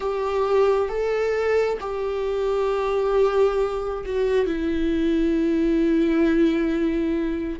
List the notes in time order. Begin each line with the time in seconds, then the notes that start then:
0.00 G4
0.88 A4
1.80 G4
4.05 F#4
4.46 E4